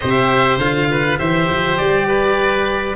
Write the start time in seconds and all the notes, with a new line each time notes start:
0.00 C3 G4 C5 E5
0.58 D3 F4 F5
0.90 B4
1.18 E3 G4 C5 E5
1.49 F3
1.77 G3 D5
2.07 B4